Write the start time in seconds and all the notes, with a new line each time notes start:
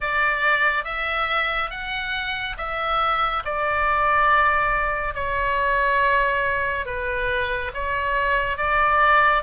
0.00 D5
0.84 E5
1.70 F#5
2.57 E5
3.44 D5
5.14 C#5
6.85 B4
7.74 C#5
8.57 D5